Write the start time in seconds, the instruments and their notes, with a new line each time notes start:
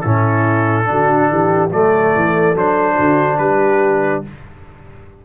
0.00 tuba A2, trombone C#4, horn E4, trumpet A4
0.85 tuba D3, trombone D4, horn F#4
1.29 tuba E3, horn G4
1.70 tuba F#3, trombone A3, horn A4, trumpet D5
2.16 tuba E3
2.55 tuba F#3, trombone D4, trumpet C5
2.95 tuba D3, horn F#4
3.38 tuba G3, horn G4, trumpet B4